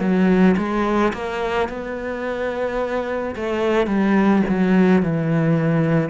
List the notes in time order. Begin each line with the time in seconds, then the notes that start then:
0.00 F#3
0.58 G#3
1.14 A#3
1.69 B3
3.36 A3
3.87 G3
4.49 F#3
5.03 E3